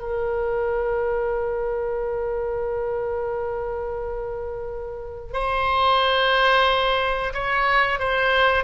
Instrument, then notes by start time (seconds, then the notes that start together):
oboe
0.00 A#4
5.34 C5
7.34 C#5
7.99 C5